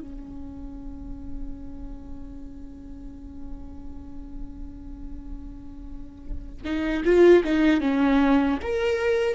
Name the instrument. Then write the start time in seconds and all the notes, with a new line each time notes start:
viola
0.00 C#4
6.65 D#4
7.05 F4
7.45 D#4
7.81 C#4
8.62 A#4